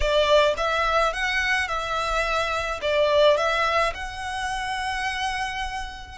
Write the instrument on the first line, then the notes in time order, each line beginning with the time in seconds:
violin
0.00 D5
0.57 E5
1.13 F#5
1.68 E5
2.81 D5
3.37 E5
3.94 F#5